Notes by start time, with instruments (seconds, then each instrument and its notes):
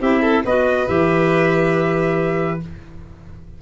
0.00 tuba C4, clarinet E4, violin G4, trumpet E5
0.22 violin A4
0.45 tuba B3, clarinet F#4, violin B4, trumpet D#5
0.87 tuba E3, clarinet G4, trumpet E5